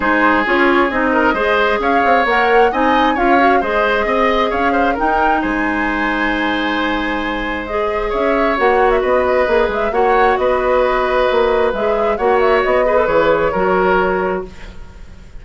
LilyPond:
<<
  \new Staff \with { instrumentName = "flute" } { \time 4/4 \tempo 4 = 133 c''4 cis''4 dis''2 | f''4 fis''4 gis''4 f''4 | dis''2 f''4 g''4 | gis''1~ |
gis''4 dis''4 e''4 fis''8. e''16 | dis''4. e''8 fis''4 dis''4~ | dis''2 e''4 fis''8 e''8 | dis''4 cis''2. | }
  \new Staff \with { instrumentName = "oboe" } { \time 4/4 gis'2~ gis'8 ais'8 c''4 | cis''2 dis''4 cis''4 | c''4 dis''4 cis''8 c''8 ais'4 | c''1~ |
c''2 cis''2 | b'2 cis''4 b'4~ | b'2. cis''4~ | cis''8 b'4. ais'2 | }
  \new Staff \with { instrumentName = "clarinet" } { \time 4/4 dis'4 f'4 dis'4 gis'4~ | gis'4 ais'4 dis'4 f'8 fis'8 | gis'2. dis'4~ | dis'1~ |
dis'4 gis'2 fis'4~ | fis'4 gis'4 fis'2~ | fis'2 gis'4 fis'4~ | fis'8 gis'16 a'16 gis'4 fis'2 | }
  \new Staff \with { instrumentName = "bassoon" } { \time 4/4 gis4 cis'4 c'4 gis4 | cis'8 c'8 ais4 c'4 cis'4 | gis4 c'4 cis'4 dis'4 | gis1~ |
gis2 cis'4 ais4 | b4 ais8 gis8 ais4 b4~ | b4 ais4 gis4 ais4 | b4 e4 fis2 | }
>>